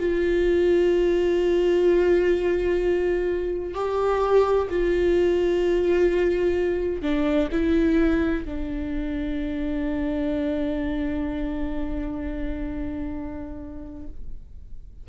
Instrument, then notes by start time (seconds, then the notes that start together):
viola
0.00 F4
3.75 G4
4.70 F4
7.02 D4
7.52 E4
8.45 D4